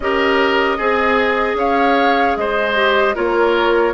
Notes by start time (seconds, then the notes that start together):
0.00 C#4 G4 A#4 D#5
0.77 C4 G#4
1.54 C#4 C#5 F5
2.36 G#3 C5 D#5
2.75 G4
3.15 A#3 F4 A#4 C#5